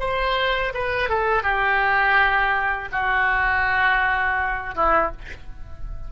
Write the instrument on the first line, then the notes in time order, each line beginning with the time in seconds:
oboe
0.00 C5
0.74 B4
1.09 A4
1.43 G4
2.92 F#4
4.76 E4